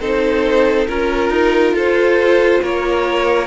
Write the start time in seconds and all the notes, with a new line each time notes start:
0.00 C4 D#4 A4 C5
0.87 C#4 F4 A#4
1.30 D#4
1.73 F4 A4 C5
2.62 A#3 A#4 C#5